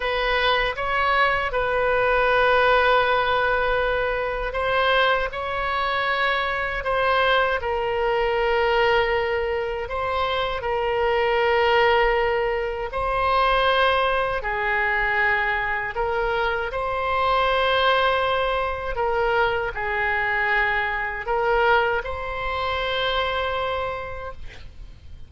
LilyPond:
\new Staff \with { instrumentName = "oboe" } { \time 4/4 \tempo 4 = 79 b'4 cis''4 b'2~ | b'2 c''4 cis''4~ | cis''4 c''4 ais'2~ | ais'4 c''4 ais'2~ |
ais'4 c''2 gis'4~ | gis'4 ais'4 c''2~ | c''4 ais'4 gis'2 | ais'4 c''2. | }